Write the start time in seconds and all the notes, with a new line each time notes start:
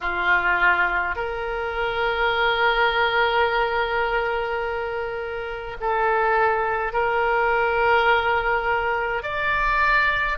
0.01 F4
1.15 A#4
5.80 A4
6.92 A#4
9.23 D5